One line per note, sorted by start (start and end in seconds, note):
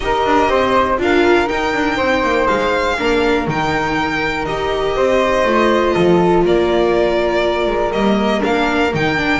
0.00 0.25 D#4
0.00 0.97 G4
0.00 0.50 A#4
0.00 0.99 D#5
0.25 0.48 D4
0.48 0.98 C4
0.48 0.99 C5
0.97 1.48 D4
0.97 1.46 F4
0.97 1.48 F5
1.03 1.96 A#4
1.46 2.95 D#4
1.46 1.73 D#4
1.46 2.47 G5
1.73 1.98 D4
1.96 2.22 C4
1.96 2.95 C5
2.22 2.47 A#3
2.47 2.99 G#3
2.47 3.46 F5
2.98 3.47 A#3
2.98 3.47 D4
2.98 4.96 A#4
3.47 4.45 D#3
3.47 4.47 D#4
3.47 4.45 G5
4.45 4.95 D#4
4.45 5.46 G4
4.45 6.43 D#5
4.96 5.45 C4
4.96 5.94 C5
5.45 5.94 A3
5.45 7.92 F4
5.94 6.44 F3
5.94 6.43 A4
6.44 7.66 A#3
6.44 9.39 A#4
6.44 7.92 D5
7.66 7.91 G#3
7.92 8.42 G3
7.92 8.41 A#3
7.92 8.42 D#5
8.41 8.94 A#3
8.41 8.90 D4
8.41 8.93 F5
8.94 9.39 D#3
8.94 9.16 D#4
8.94 9.39 G5
9.16 9.39 D4